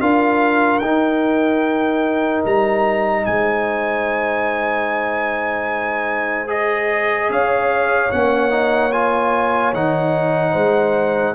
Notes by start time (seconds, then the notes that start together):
0.00 D4 F4 A#4 F5
0.78 D#4 G5
2.45 G3 A#5
3.24 G#3 C5 G#5
6.47 G#4 D#5
7.29 C#4 C#5 F5
8.11 A#3 C#4 F#5
8.50 D#4
8.92 F4 G#5
9.73 D#3 D#4 F#5
10.52 G#3 C5